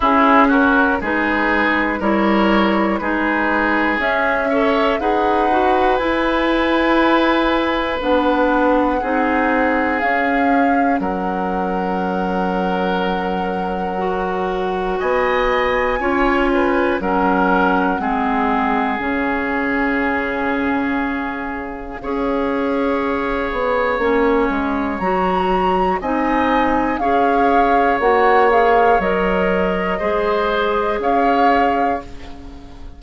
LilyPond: <<
  \new Staff \with { instrumentName = "flute" } { \time 4/4 \tempo 4 = 60 gis'8 ais'8 b'4 cis''4 b'4 | e''4 fis''4 gis''2 | fis''2 f''4 fis''4~ | fis''2. gis''4~ |
gis''4 fis''2 f''4~ | f''1~ | f''4 ais''4 gis''4 f''4 | fis''8 f''8 dis''2 f''4 | }
  \new Staff \with { instrumentName = "oboe" } { \time 4/4 e'8 fis'8 gis'4 ais'4 gis'4~ | gis'8 cis''8 b'2.~ | b'4 gis'2 ais'4~ | ais'2. dis''4 |
cis''8 b'8 ais'4 gis'2~ | gis'2 cis''2~ | cis''2 dis''4 cis''4~ | cis''2 c''4 cis''4 | }
  \new Staff \with { instrumentName = "clarinet" } { \time 4/4 cis'4 dis'4 e'4 dis'4 | cis'8 a'8 gis'8 fis'8 e'2 | d'4 dis'4 cis'2~ | cis'2 fis'2 |
f'4 cis'4 c'4 cis'4~ | cis'2 gis'2 | cis'4 fis'4 dis'4 gis'4 | fis'8 gis'8 ais'4 gis'2 | }
  \new Staff \with { instrumentName = "bassoon" } { \time 4/4 cis'4 gis4 g4 gis4 | cis'4 dis'4 e'2 | b4 c'4 cis'4 fis4~ | fis2. b4 |
cis'4 fis4 gis4 cis4~ | cis2 cis'4. b8 | ais8 gis8 fis4 c'4 cis'4 | ais4 fis4 gis4 cis'4 | }
>>